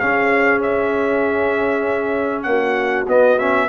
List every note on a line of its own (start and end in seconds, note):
0.00 3.07 C#4
0.00 2.46 C#4
0.00 2.47 G#4
0.00 0.61 F5
0.62 2.43 E5
2.43 3.07 A#3
2.43 3.04 F#5
2.50 3.69 F#4
3.08 3.39 B3
3.08 3.69 B3
3.08 3.39 D#5
3.39 3.69 C#4
3.39 3.69 E5